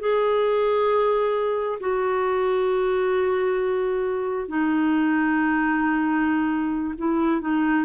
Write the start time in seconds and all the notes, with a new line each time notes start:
0.00 G#4
1.80 F#4
4.48 D#4
6.98 E4
7.41 D#4